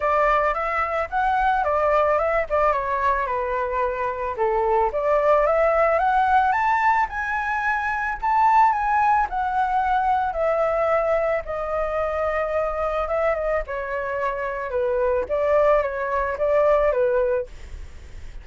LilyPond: \new Staff \with { instrumentName = "flute" } { \time 4/4 \tempo 4 = 110 d''4 e''4 fis''4 d''4 | e''8 d''8 cis''4 b'2 | a'4 d''4 e''4 fis''4 | a''4 gis''2 a''4 |
gis''4 fis''2 e''4~ | e''4 dis''2. | e''8 dis''8 cis''2 b'4 | d''4 cis''4 d''4 b'4 | }